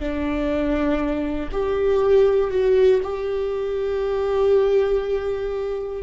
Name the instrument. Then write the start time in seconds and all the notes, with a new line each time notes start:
viola
0.00 D4
1.52 G4
2.51 F#4
3.03 G4